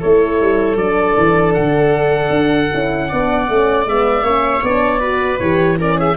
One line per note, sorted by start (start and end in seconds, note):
0.00 0.41 A3
0.00 0.77 E4
0.00 3.08 A4
0.00 0.77 C#5
0.41 0.76 G3
0.76 1.14 F#3
0.76 2.69 D4
0.76 1.54 D5
1.18 1.56 E3
1.54 2.30 D3
1.54 3.85 F#5
2.30 2.68 D4
2.73 3.12 C#4
2.73 3.11 E4
3.09 3.49 B3
3.09 3.48 D4
3.09 4.25 D5
3.48 3.87 A3
3.48 3.86 C#4
3.87 4.23 G#3
3.87 4.24 B3
3.87 4.65 E5
4.23 4.61 A#3
4.23 4.62 C#4
4.23 5.00 C#5
4.63 5.40 B3
4.63 5.01 D4
4.63 5.39 D5
5.00 5.39 F#4
5.00 5.77 B4
5.39 6.17 E3
5.39 5.78 G4
5.39 5.78 C#5
5.78 6.17 C#4
5.78 5.97 A#4
5.78 6.00 D5
5.97 6.17 G#4
5.97 6.17 E5